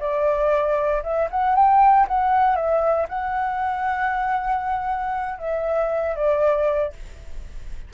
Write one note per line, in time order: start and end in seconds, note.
0.00 1.03 D5
1.03 1.29 E5
1.31 1.55 F#5
1.55 2.07 G5
2.08 2.56 F#5
2.56 3.07 E5
3.09 5.39 F#5
5.39 6.16 E5
6.16 6.93 D5